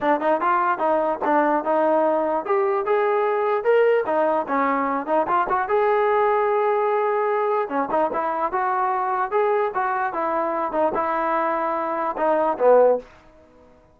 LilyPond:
\new Staff \with { instrumentName = "trombone" } { \time 4/4 \tempo 4 = 148 d'8 dis'8 f'4 dis'4 d'4 | dis'2 g'4 gis'4~ | gis'4 ais'4 dis'4 cis'4~ | cis'8 dis'8 f'8 fis'8 gis'2~ |
gis'2. cis'8 dis'8 | e'4 fis'2 gis'4 | fis'4 e'4. dis'8 e'4~ | e'2 dis'4 b4 | }